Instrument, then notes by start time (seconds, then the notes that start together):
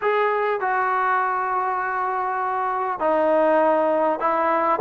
trombone
0.01 G#4
0.60 F#4
2.99 D#4
4.19 E4